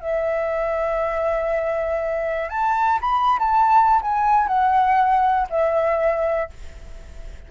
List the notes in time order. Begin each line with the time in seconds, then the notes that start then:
0.00 E5
2.49 A5
3.01 B5
3.39 A5
4.02 G#5
4.47 F#5
5.50 E5